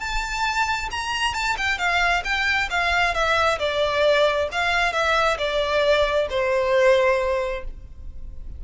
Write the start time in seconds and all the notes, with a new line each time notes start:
0.00 A5
0.92 A#5
1.34 A5
1.58 G5
1.78 F5
2.24 G5
2.71 F5
3.14 E5
3.59 D5
4.52 F5
4.93 E5
5.39 D5
6.30 C5